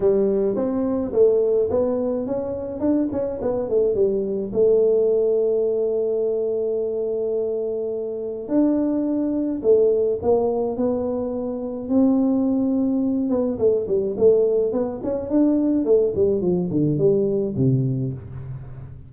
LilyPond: \new Staff \with { instrumentName = "tuba" } { \time 4/4 \tempo 4 = 106 g4 c'4 a4 b4 | cis'4 d'8 cis'8 b8 a8 g4 | a1~ | a2. d'4~ |
d'4 a4 ais4 b4~ | b4 c'2~ c'8 b8 | a8 g8 a4 b8 cis'8 d'4 | a8 g8 f8 d8 g4 c4 | }